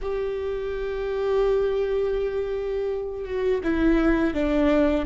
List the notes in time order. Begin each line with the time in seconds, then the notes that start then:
0.01 G4
3.24 F#4
3.63 E4
4.34 D4